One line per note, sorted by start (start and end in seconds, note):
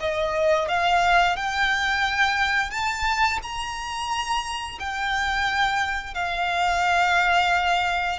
0.00 0.68 D#5
0.68 1.36 F5
1.36 2.71 G5
2.71 3.39 A5
3.42 4.79 A#5
4.79 6.14 G5
6.14 8.18 F5